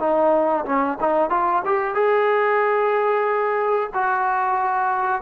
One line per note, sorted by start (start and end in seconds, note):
0.00 0.65 D#4
0.66 0.98 C#4
1.01 1.30 D#4
1.30 1.63 F4
1.66 1.95 G4
1.95 3.91 G#4
3.94 5.23 F#4